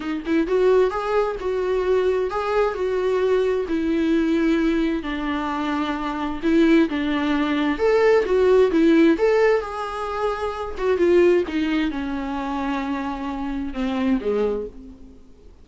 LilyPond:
\new Staff \with { instrumentName = "viola" } { \time 4/4 \tempo 4 = 131 dis'8 e'8 fis'4 gis'4 fis'4~ | fis'4 gis'4 fis'2 | e'2. d'4~ | d'2 e'4 d'4~ |
d'4 a'4 fis'4 e'4 | a'4 gis'2~ gis'8 fis'8 | f'4 dis'4 cis'2~ | cis'2 c'4 gis4 | }